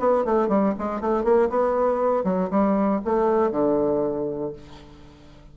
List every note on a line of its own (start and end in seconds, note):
0.00 0.25 B3
0.25 0.49 A3
0.49 0.74 G3
0.79 1.01 G#3
1.01 1.24 A3
1.24 1.50 A#3
1.50 2.25 B3
2.25 2.50 F#3
2.51 3.02 G3
3.05 3.52 A3
3.52 4.53 D3